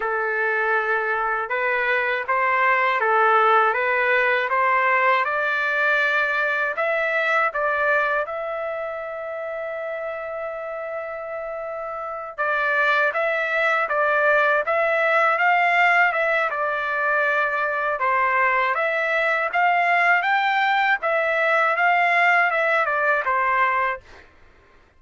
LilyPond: \new Staff \with { instrumentName = "trumpet" } { \time 4/4 \tempo 4 = 80 a'2 b'4 c''4 | a'4 b'4 c''4 d''4~ | d''4 e''4 d''4 e''4~ | e''1~ |
e''8 d''4 e''4 d''4 e''8~ | e''8 f''4 e''8 d''2 | c''4 e''4 f''4 g''4 | e''4 f''4 e''8 d''8 c''4 | }